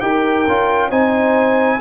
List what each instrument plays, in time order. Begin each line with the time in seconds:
0.00 tuba D#4, trombone G4, horn A#4, trumpet G5
0.47 tuba C#4, trombone F4
0.89 tuba C4, trombone D#4, horn C5, trumpet G#5